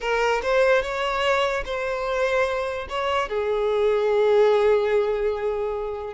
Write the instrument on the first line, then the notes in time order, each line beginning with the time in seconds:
violin
0.01 A#4
0.42 C5
0.82 C#5
1.65 C5
2.89 C#5
3.29 G#4